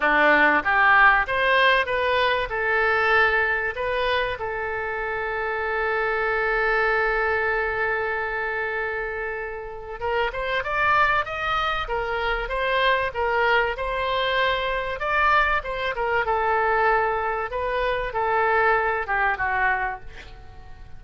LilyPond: \new Staff \with { instrumentName = "oboe" } { \time 4/4 \tempo 4 = 96 d'4 g'4 c''4 b'4 | a'2 b'4 a'4~ | a'1~ | a'1 |
ais'8 c''8 d''4 dis''4 ais'4 | c''4 ais'4 c''2 | d''4 c''8 ais'8 a'2 | b'4 a'4. g'8 fis'4 | }